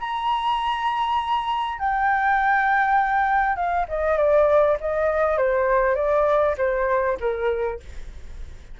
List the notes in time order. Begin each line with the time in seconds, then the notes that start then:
0.00 A#5
1.79 G5
3.56 F5
3.88 D#5
4.17 D5
4.80 D#5
5.38 C5
5.95 D5
6.58 C5
7.20 A#4